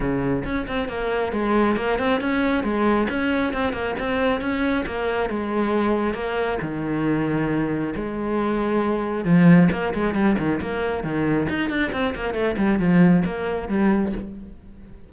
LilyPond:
\new Staff \with { instrumentName = "cello" } { \time 4/4 \tempo 4 = 136 cis4 cis'8 c'8 ais4 gis4 | ais8 c'8 cis'4 gis4 cis'4 | c'8 ais8 c'4 cis'4 ais4 | gis2 ais4 dis4~ |
dis2 gis2~ | gis4 f4 ais8 gis8 g8 dis8 | ais4 dis4 dis'8 d'8 c'8 ais8 | a8 g8 f4 ais4 g4 | }